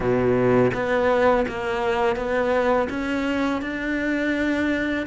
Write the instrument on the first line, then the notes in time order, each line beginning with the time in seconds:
cello
0.00 B2
0.74 B3
1.48 A#3
2.16 B3
2.89 C#4
3.61 D4